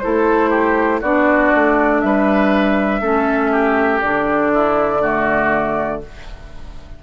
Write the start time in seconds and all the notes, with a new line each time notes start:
0.00 E4 A4 C5
0.06 A3
0.51 G4
1.01 B3 D4 F#4 D5
1.55 A3
2.01 G3 B4 E5
3.02 A3 C#4 A4
3.52 G4
4.02 D3 D4 D5
4.54 E4
5.02 A3 F#4